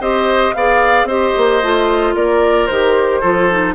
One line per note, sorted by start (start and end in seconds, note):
0.00 0.54 C4
0.00 0.55 G4
0.00 0.54 C5
0.00 0.54 D#5
0.54 1.04 B3
0.54 1.09 G#4
0.54 1.07 D5
0.54 1.07 F5
1.04 1.31 C4
1.04 1.62 G4
1.04 2.15 C5
1.04 2.15 D#5
1.36 1.63 A#3
1.62 2.15 A3
1.62 2.70 F4
2.15 2.69 A#3
2.15 3.21 A#4
2.15 2.67 D5
2.67 3.23 D#3
2.67 3.23 G4
2.67 3.74 C5
3.21 3.74 F3
3.21 3.50 F4
3.21 3.74 A4
3.50 3.74 D#4